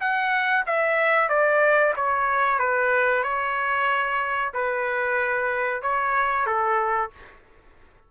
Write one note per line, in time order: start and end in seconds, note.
0.00 0.65 F#5
0.66 1.29 E5
1.29 1.94 D5
1.96 2.59 C#5
2.59 3.23 B4
3.23 4.52 C#5
4.54 5.82 B4
5.82 6.46 C#5
6.46 7.10 A4